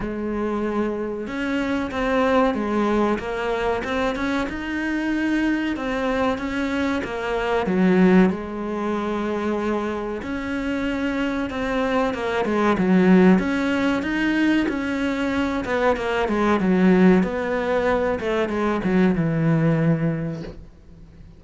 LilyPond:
\new Staff \with { instrumentName = "cello" } { \time 4/4 \tempo 4 = 94 gis2 cis'4 c'4 | gis4 ais4 c'8 cis'8 dis'4~ | dis'4 c'4 cis'4 ais4 | fis4 gis2. |
cis'2 c'4 ais8 gis8 | fis4 cis'4 dis'4 cis'4~ | cis'8 b8 ais8 gis8 fis4 b4~ | b8 a8 gis8 fis8 e2 | }